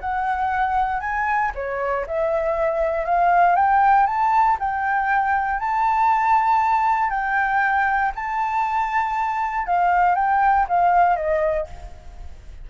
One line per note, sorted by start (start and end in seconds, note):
0.00 1.00 F#5
1.00 1.51 G#5
1.55 2.05 C#5
2.07 3.05 E5
3.05 3.55 F5
3.55 4.06 G5
4.06 4.57 A5
4.59 5.59 G5
5.59 7.10 A5
7.10 8.12 G5
8.15 9.66 A5
9.66 10.15 F5
10.15 10.66 G5
10.68 11.16 F5
11.16 11.66 D#5